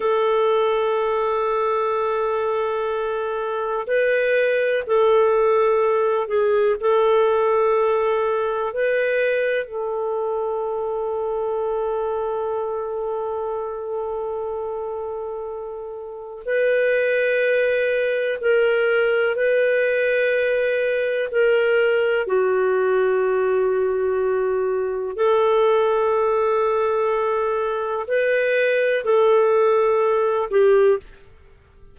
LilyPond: \new Staff \with { instrumentName = "clarinet" } { \time 4/4 \tempo 4 = 62 a'1 | b'4 a'4. gis'8 a'4~ | a'4 b'4 a'2~ | a'1~ |
a'4 b'2 ais'4 | b'2 ais'4 fis'4~ | fis'2 a'2~ | a'4 b'4 a'4. g'8 | }